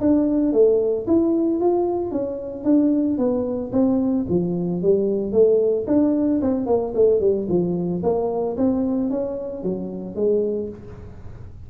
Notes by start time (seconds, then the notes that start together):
0.00 D4
0.53 A3
1.07 E4
1.60 F4
2.11 C#4
2.64 D4
3.18 B3
3.72 C4
4.29 F3
4.82 G3
5.32 A3
5.87 D4
6.42 C4
6.66 A#3
6.95 A3
7.20 G3
7.49 F3
8.03 A#3
8.57 C4
9.10 C#4
9.63 F#3
10.15 G#3